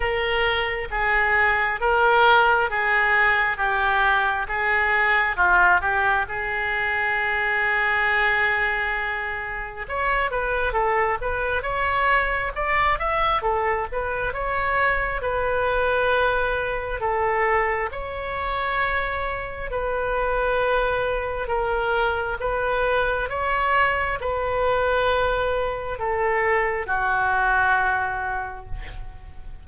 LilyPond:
\new Staff \with { instrumentName = "oboe" } { \time 4/4 \tempo 4 = 67 ais'4 gis'4 ais'4 gis'4 | g'4 gis'4 f'8 g'8 gis'4~ | gis'2. cis''8 b'8 | a'8 b'8 cis''4 d''8 e''8 a'8 b'8 |
cis''4 b'2 a'4 | cis''2 b'2 | ais'4 b'4 cis''4 b'4~ | b'4 a'4 fis'2 | }